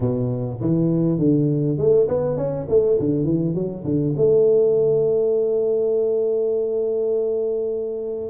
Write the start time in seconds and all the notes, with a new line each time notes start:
0.00 B2
0.60 E3
1.19 D3
1.77 A3
2.08 B3
2.37 C#4
2.68 A3
2.99 D3
3.24 E3
3.54 F#3
3.84 D3
4.16 A3